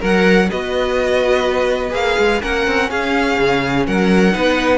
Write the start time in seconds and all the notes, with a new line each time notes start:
0.00 F#3 A#4 F#5
0.50 B3 F#4 B4 D#5
1.90 A#3 G#4 F5
2.19 G#3
2.41 A#3 C#4 A#4 F#5
2.68 C4
2.90 C#4 G#4 F5
3.39 C#3
3.87 F#3 A#4 F#5
4.32 B3 D#4 B4